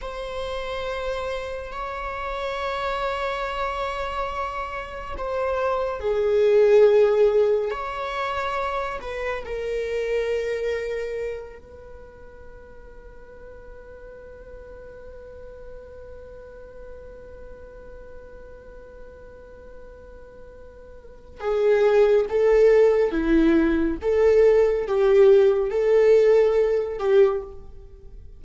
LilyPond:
\new Staff \with { instrumentName = "viola" } { \time 4/4 \tempo 4 = 70 c''2 cis''2~ | cis''2 c''4 gis'4~ | gis'4 cis''4. b'8 ais'4~ | ais'4. b'2~ b'8~ |
b'1~ | b'1~ | b'4 gis'4 a'4 e'4 | a'4 g'4 a'4. g'8 | }